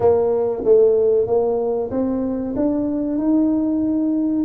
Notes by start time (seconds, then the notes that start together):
0.00 A#3
0.64 A3
1.26 A#3
1.91 C4
2.56 D4
3.18 D#4